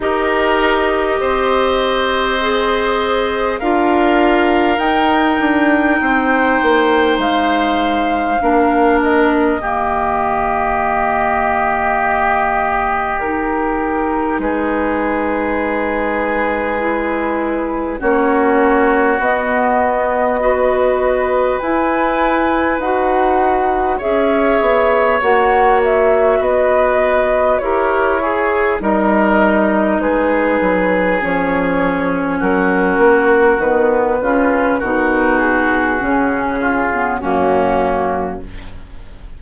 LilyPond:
<<
  \new Staff \with { instrumentName = "flute" } { \time 4/4 \tempo 4 = 50 dis''2. f''4 | g''2 f''4. dis''8~ | dis''2. ais'4 | b'2. cis''4 |
dis''2 gis''4 fis''4 | e''4 fis''8 e''8 dis''4 cis''4 | dis''4 b'4 cis''4 ais'4 | b'4 ais'8 gis'4. fis'4 | }
  \new Staff \with { instrumentName = "oboe" } { \time 4/4 ais'4 c''2 ais'4~ | ais'4 c''2 ais'4 | g'1 | gis'2. fis'4~ |
fis'4 b'2. | cis''2 b'4 ais'8 gis'8 | ais'4 gis'2 fis'4~ | fis'8 f'8 fis'4. f'8 cis'4 | }
  \new Staff \with { instrumentName = "clarinet" } { \time 4/4 g'2 gis'4 f'4 | dis'2. d'4 | ais2. dis'4~ | dis'2 e'4 cis'4 |
b4 fis'4 e'4 fis'4 | gis'4 fis'2 g'8 gis'8 | dis'2 cis'2 | b8 cis'8 dis'4 cis'8. b16 ais4 | }
  \new Staff \with { instrumentName = "bassoon" } { \time 4/4 dis'4 c'2 d'4 | dis'8 d'8 c'8 ais8 gis4 ais4 | dis1 | gis2. ais4 |
b2 e'4 dis'4 | cis'8 b8 ais4 b4 e'4 | g4 gis8 fis8 f4 fis8 ais8 | dis8 cis8 b,4 cis4 fis,4 | }
>>